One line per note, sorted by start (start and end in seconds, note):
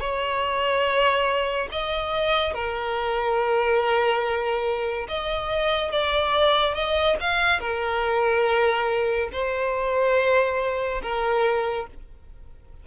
0.00 1.69 C#5
1.72 2.54 D#5
2.54 5.07 A#4
5.09 5.92 D#5
5.92 6.74 D5
6.74 7.16 D#5
7.20 7.60 F5
7.60 9.29 A#4
9.33 11.02 C5
11.02 11.87 A#4